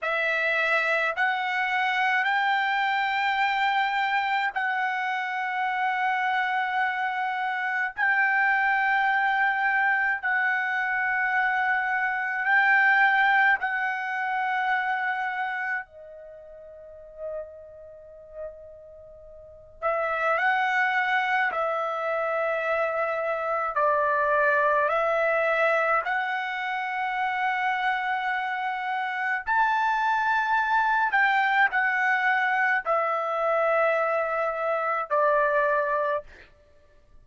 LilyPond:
\new Staff \with { instrumentName = "trumpet" } { \time 4/4 \tempo 4 = 53 e''4 fis''4 g''2 | fis''2. g''4~ | g''4 fis''2 g''4 | fis''2 dis''2~ |
dis''4. e''8 fis''4 e''4~ | e''4 d''4 e''4 fis''4~ | fis''2 a''4. g''8 | fis''4 e''2 d''4 | }